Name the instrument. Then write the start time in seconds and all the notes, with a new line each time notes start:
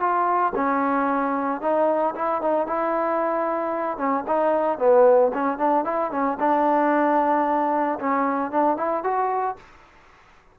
trombone
0.00 F4
0.56 C#4
1.61 D#4
2.16 E4
2.42 D#4
2.67 E4
3.98 C#4
4.27 D#4
4.79 B3
5.34 C#4
5.58 D4
5.85 E4
6.11 C#4
6.40 D4
8.00 C#4
8.51 D4
8.77 E4
9.04 F#4